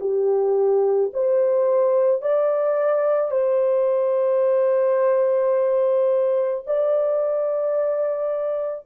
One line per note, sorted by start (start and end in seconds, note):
0.00 1.11 G4
1.13 2.22 C5
2.22 3.31 D5
3.31 6.64 C5
6.67 8.85 D5